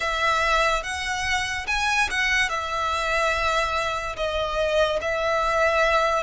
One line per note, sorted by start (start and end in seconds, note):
0.00 0.83 E5
0.83 1.66 F#5
1.67 2.08 G#5
2.10 2.49 F#5
2.49 4.16 E5
4.16 4.99 D#5
5.01 6.23 E5